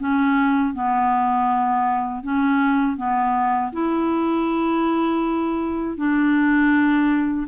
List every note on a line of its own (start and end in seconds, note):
0.00 0.74 C#4
0.74 2.23 B3
2.23 2.97 C#4
2.97 3.72 B3
3.73 5.97 E4
5.97 7.47 D4